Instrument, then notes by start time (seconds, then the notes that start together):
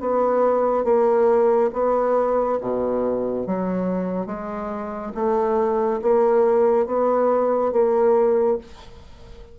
bassoon
0.00 B3
0.84 A#3
1.73 B3
2.60 B2
3.46 F#3
4.26 G#3
5.14 A3
6.01 A#3
6.86 B3
7.72 A#3